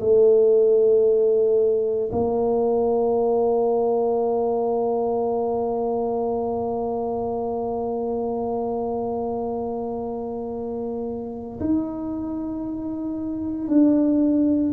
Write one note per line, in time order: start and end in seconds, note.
0.00 2.11 A3
2.12 11.59 A#3
11.60 13.68 D#4
13.68 14.73 D4